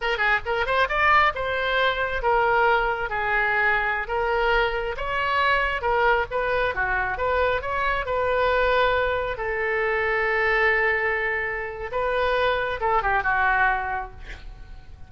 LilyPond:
\new Staff \with { instrumentName = "oboe" } { \time 4/4 \tempo 4 = 136 ais'8 gis'8 ais'8 c''8 d''4 c''4~ | c''4 ais'2 gis'4~ | gis'4~ gis'16 ais'2 cis''8.~ | cis''4~ cis''16 ais'4 b'4 fis'8.~ |
fis'16 b'4 cis''4 b'4.~ b'16~ | b'4~ b'16 a'2~ a'8.~ | a'2. b'4~ | b'4 a'8 g'8 fis'2 | }